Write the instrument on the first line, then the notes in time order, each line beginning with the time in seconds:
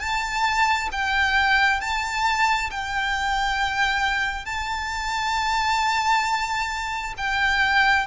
violin
0.00 A5
0.92 G5
1.81 A5
2.71 G5
4.45 A5
7.18 G5